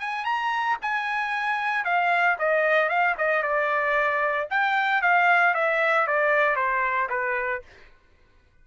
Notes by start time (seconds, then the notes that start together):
0.00 G#5
0.25 A#5
0.82 G#5
1.85 F5
2.39 D#5
2.89 F5
3.18 D#5
3.43 D5
4.50 G5
5.02 F5
5.55 E5
6.07 D5
6.56 C5
7.10 B4